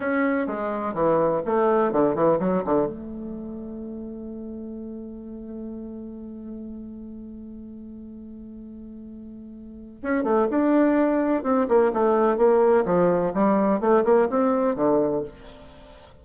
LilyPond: \new Staff \with { instrumentName = "bassoon" } { \time 4/4 \tempo 4 = 126 cis'4 gis4 e4 a4 | d8 e8 fis8 d8 a2~ | a1~ | a1~ |
a1~ | a4 cis'8 a8 d'2 | c'8 ais8 a4 ais4 f4 | g4 a8 ais8 c'4 d4 | }